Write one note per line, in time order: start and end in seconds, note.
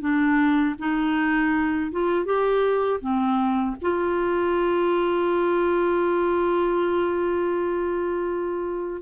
0.00 0.75 D4
0.78 1.91 D#4
1.92 2.25 F4
2.25 3.00 G4
3.01 3.76 C4
3.81 9.01 F4